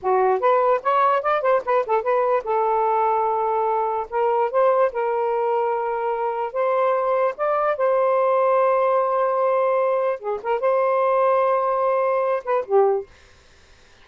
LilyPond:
\new Staff \with { instrumentName = "saxophone" } { \time 4/4 \tempo 4 = 147 fis'4 b'4 cis''4 d''8 c''8 | b'8 a'8 b'4 a'2~ | a'2 ais'4 c''4 | ais'1 |
c''2 d''4 c''4~ | c''1~ | c''4 gis'8 ais'8 c''2~ | c''2~ c''8 b'8 g'4 | }